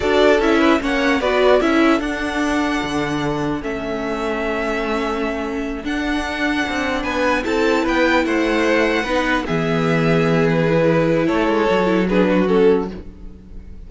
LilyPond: <<
  \new Staff \with { instrumentName = "violin" } { \time 4/4 \tempo 4 = 149 d''4 e''4 fis''4 d''4 | e''4 fis''2.~ | fis''4 e''2.~ | e''2~ e''8 fis''4.~ |
fis''4. gis''4 a''4 g''8~ | g''8 fis''2. e''8~ | e''2 b'2 | cis''2 b'4 a'4 | }
  \new Staff \with { instrumentName = "violin" } { \time 4/4 a'4. b'8 cis''4 b'4 | a'1~ | a'1~ | a'1~ |
a'4. b'4 a'4 b'8~ | b'8 c''2 b'4 gis'8~ | gis'1 | a'2 gis'8 fis'4. | }
  \new Staff \with { instrumentName = "viola" } { \time 4/4 fis'4 e'4 cis'4 fis'4 | e'4 d'2.~ | d'4 cis'2.~ | cis'2~ cis'8 d'4.~ |
d'2~ d'8 e'4.~ | e'2~ e'8 dis'4 b8~ | b2~ b8 e'4.~ | e'4 fis'8 e'8 d'4 cis'4 | }
  \new Staff \with { instrumentName = "cello" } { \time 4/4 d'4 cis'4 ais4 b4 | cis'4 d'2 d4~ | d4 a2.~ | a2~ a8 d'4.~ |
d'8 c'4 b4 c'4 b8~ | b8 a2 b4 e8~ | e1 | a8 gis8 fis2. | }
>>